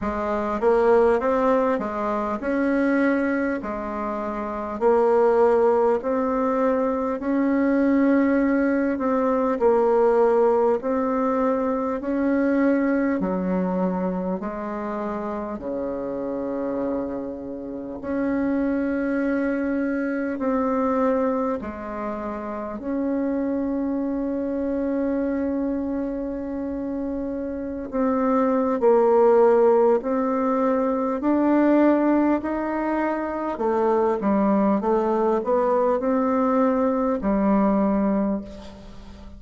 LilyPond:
\new Staff \with { instrumentName = "bassoon" } { \time 4/4 \tempo 4 = 50 gis8 ais8 c'8 gis8 cis'4 gis4 | ais4 c'4 cis'4. c'8 | ais4 c'4 cis'4 fis4 | gis4 cis2 cis'4~ |
cis'4 c'4 gis4 cis'4~ | cis'2.~ cis'16 c'8. | ais4 c'4 d'4 dis'4 | a8 g8 a8 b8 c'4 g4 | }